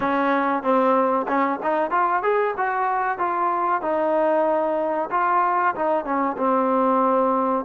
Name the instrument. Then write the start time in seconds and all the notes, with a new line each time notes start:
trombone
0.00 C#4
0.62 C4
1.27 C#4
1.62 D#4
1.90 F4
2.22 G#4
2.57 F#4
3.18 F4
3.82 D#4
5.10 F4
5.75 D#4
6.04 C#4
6.37 C4